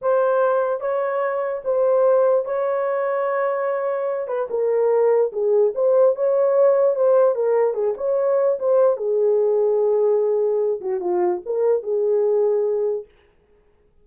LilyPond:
\new Staff \with { instrumentName = "horn" } { \time 4/4 \tempo 4 = 147 c''2 cis''2 | c''2 cis''2~ | cis''2~ cis''8 b'8 ais'4~ | ais'4 gis'4 c''4 cis''4~ |
cis''4 c''4 ais'4 gis'8 cis''8~ | cis''4 c''4 gis'2~ | gis'2~ gis'8 fis'8 f'4 | ais'4 gis'2. | }